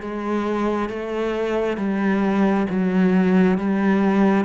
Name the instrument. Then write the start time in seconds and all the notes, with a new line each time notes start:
cello
0.00 G#3
0.89 A3
1.77 G3
2.69 F#3
3.58 G3